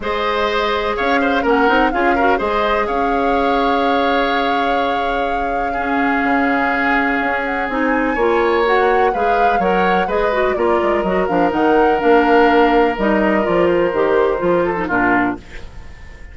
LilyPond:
<<
  \new Staff \with { instrumentName = "flute" } { \time 4/4 \tempo 4 = 125 dis''2 f''4 fis''4 | f''4 dis''4 f''2~ | f''1~ | f''2.~ f''8 fis''8 |
gis''2 fis''4 f''4 | fis''4 dis''4 d''4 dis''8 f''8 | fis''4 f''2 dis''4 | d''8 c''2~ c''8 ais'4 | }
  \new Staff \with { instrumentName = "oboe" } { \time 4/4 c''2 cis''8 c''8 ais'4 | gis'8 ais'8 c''4 cis''2~ | cis''1 | gis'1~ |
gis'4 cis''2 b'4 | cis''4 b'4 ais'2~ | ais'1~ | ais'2~ ais'8 a'8 f'4 | }
  \new Staff \with { instrumentName = "clarinet" } { \time 4/4 gis'2. cis'8 dis'8 | f'8 fis'8 gis'2.~ | gis'1 | cis'1 |
dis'4 f'4 fis'4 gis'4 | ais'4 gis'8 fis'8 f'4 fis'8 d'8 | dis'4 d'2 dis'4 | f'4 g'4 f'8. dis'16 d'4 | }
  \new Staff \with { instrumentName = "bassoon" } { \time 4/4 gis2 cis'4 ais8 c'8 | cis'4 gis4 cis'2~ | cis'1~ | cis'4 cis2 cis'4 |
c'4 ais2 gis4 | fis4 gis4 ais8 gis8 fis8 f8 | dis4 ais2 g4 | f4 dis4 f4 ais,4 | }
>>